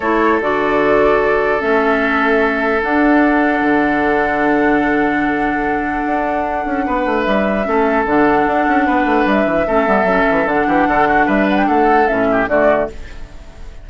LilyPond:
<<
  \new Staff \with { instrumentName = "flute" } { \time 4/4 \tempo 4 = 149 cis''4 d''2. | e''2. fis''4~ | fis''1~ | fis''1~ |
fis''2 e''2 | fis''2. e''4~ | e''2 fis''2 | e''8 fis''16 g''16 fis''4 e''4 d''4 | }
  \new Staff \with { instrumentName = "oboe" } { \time 4/4 a'1~ | a'1~ | a'1~ | a'1~ |
a'4 b'2 a'4~ | a'2 b'2 | a'2~ a'8 g'8 a'8 fis'8 | b'4 a'4. g'8 fis'4 | }
  \new Staff \with { instrumentName = "clarinet" } { \time 4/4 e'4 fis'2. | cis'2. d'4~ | d'1~ | d'1~ |
d'2. cis'4 | d'1 | cis'8 b8 cis'4 d'2~ | d'2 cis'4 a4 | }
  \new Staff \with { instrumentName = "bassoon" } { \time 4/4 a4 d2. | a2. d'4~ | d'4 d2.~ | d2. d'4~ |
d'8 cis'8 b8 a8 g4 a4 | d4 d'8 cis'8 b8 a8 g8 e8 | a8 g8 fis8 e8 d8 e8 d4 | g4 a4 a,4 d4 | }
>>